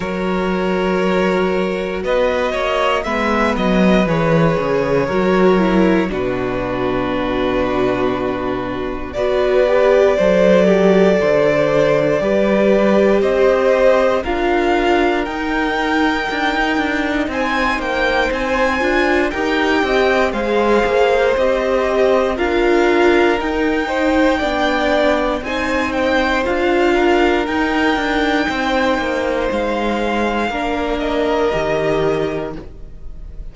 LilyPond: <<
  \new Staff \with { instrumentName = "violin" } { \time 4/4 \tempo 4 = 59 cis''2 dis''4 e''8 dis''8 | cis''2 b'2~ | b'4 d''2.~ | d''4 dis''4 f''4 g''4~ |
g''4 gis''8 g''8 gis''4 g''4 | f''4 dis''4 f''4 g''4~ | g''4 gis''8 g''8 f''4 g''4~ | g''4 f''4. dis''4. | }
  \new Staff \with { instrumentName = "violin" } { \time 4/4 ais'2 b'8 cis''8 b'4~ | b'4 ais'4 fis'2~ | fis'4 b'4 c''8 g'8 c''4 | b'4 c''4 ais'2~ |
ais'4 c''2 ais'8 dis''8 | c''2 ais'4. c''8 | d''4 c''4. ais'4. | c''2 ais'2 | }
  \new Staff \with { instrumentName = "viola" } { \time 4/4 fis'2. b4 | gis'4 fis'8 e'8 d'2~ | d'4 fis'8 g'8 a'2 | g'2 f'4 dis'4~ |
dis'2~ dis'8 f'8 g'4 | gis'4 g'4 f'4 dis'4 | d'4 dis'4 f'4 dis'4~ | dis'2 d'4 g'4 | }
  \new Staff \with { instrumentName = "cello" } { \time 4/4 fis2 b8 ais8 gis8 fis8 | e8 cis8 fis4 b,2~ | b,4 b4 fis4 d4 | g4 c'4 d'4 dis'4 |
d'16 dis'16 d'8 c'8 ais8 c'8 d'8 dis'8 c'8 | gis8 ais8 c'4 d'4 dis'4 | b4 c'4 d'4 dis'8 d'8 | c'8 ais8 gis4 ais4 dis4 | }
>>